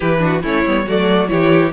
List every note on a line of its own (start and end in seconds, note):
0.00 0.43 E3
0.00 0.19 E4
0.00 0.19 G4
0.00 0.42 B4
0.19 0.41 D4
0.19 0.42 F#4
0.42 0.65 A3
0.42 0.65 C#4
0.42 0.85 E4
0.42 0.88 C#5
0.65 0.87 G3
0.65 0.87 B3
0.86 1.29 F#3
0.86 1.28 A3
0.86 1.29 F#4
0.86 1.28 D5
1.28 1.72 E3
1.28 1.71 E4
1.28 1.72 G4
1.28 1.71 C#5